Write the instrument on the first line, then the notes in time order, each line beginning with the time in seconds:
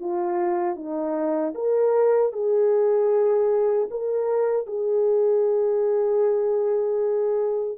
horn
0.00 F4
0.76 D#4
1.55 A#4
2.33 G#4
3.91 A#4
4.66 G#4